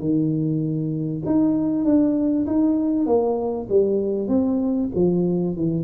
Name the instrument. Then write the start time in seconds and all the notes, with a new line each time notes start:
tuba
0.00 D#3
1.26 D#4
1.85 D4
2.47 D#4
3.06 A#3
3.70 G3
4.28 C4
4.95 F3
5.56 E3